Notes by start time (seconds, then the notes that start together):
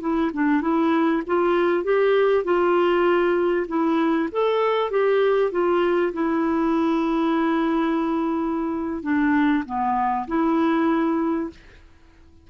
0.00 E4
0.33 D4
0.61 E4
1.26 F4
1.83 G4
2.44 F4
3.68 E4
4.32 A4
4.90 G4
5.51 F4
6.13 E4
9.02 D4
9.65 B3
10.27 E4